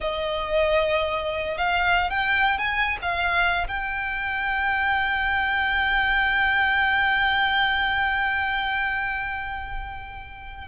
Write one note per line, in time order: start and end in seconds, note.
0.00 1.57 D#5
1.57 2.09 F5
2.10 2.58 G5
2.58 2.97 G#5
3.02 3.67 F5
3.67 10.67 G5